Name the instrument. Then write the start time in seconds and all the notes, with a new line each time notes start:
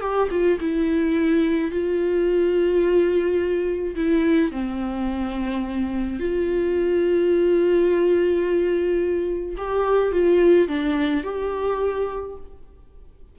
viola
0.00 G4
0.30 F4
0.60 E4
1.71 F4
3.95 E4
4.51 C4
6.19 F4
9.57 G4
10.12 F4
10.68 D4
11.23 G4